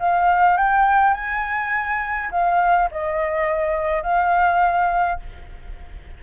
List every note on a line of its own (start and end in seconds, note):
0.00 0.58 F5
0.58 1.14 G5
1.14 2.30 G#5
2.32 2.90 F5
2.92 4.04 D#5
4.04 5.20 F5